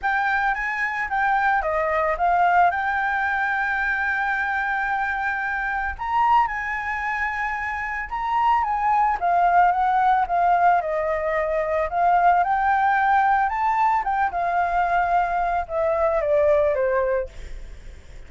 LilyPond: \new Staff \with { instrumentName = "flute" } { \time 4/4 \tempo 4 = 111 g''4 gis''4 g''4 dis''4 | f''4 g''2.~ | g''2. ais''4 | gis''2. ais''4 |
gis''4 f''4 fis''4 f''4 | dis''2 f''4 g''4~ | g''4 a''4 g''8 f''4.~ | f''4 e''4 d''4 c''4 | }